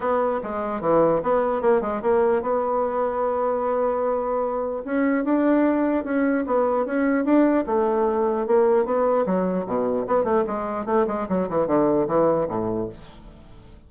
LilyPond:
\new Staff \with { instrumentName = "bassoon" } { \time 4/4 \tempo 4 = 149 b4 gis4 e4 b4 | ais8 gis8 ais4 b2~ | b1 | cis'4 d'2 cis'4 |
b4 cis'4 d'4 a4~ | a4 ais4 b4 fis4 | b,4 b8 a8 gis4 a8 gis8 | fis8 e8 d4 e4 a,4 | }